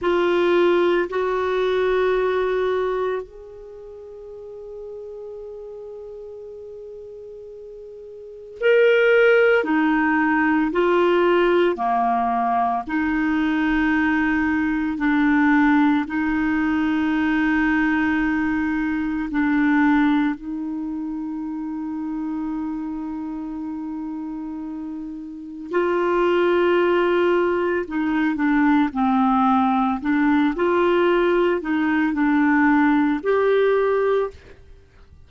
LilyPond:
\new Staff \with { instrumentName = "clarinet" } { \time 4/4 \tempo 4 = 56 f'4 fis'2 gis'4~ | gis'1 | ais'4 dis'4 f'4 ais4 | dis'2 d'4 dis'4~ |
dis'2 d'4 dis'4~ | dis'1 | f'2 dis'8 d'8 c'4 | d'8 f'4 dis'8 d'4 g'4 | }